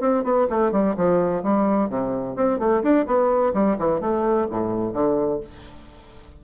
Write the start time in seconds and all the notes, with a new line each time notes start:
0.00 C4
0.23 B3
0.49 A3
0.71 G3
0.96 F3
1.43 G3
1.89 C3
2.35 C4
2.59 A3
2.83 D4
3.06 B3
3.53 G3
3.78 E3
4.00 A3
4.50 A2
4.93 D3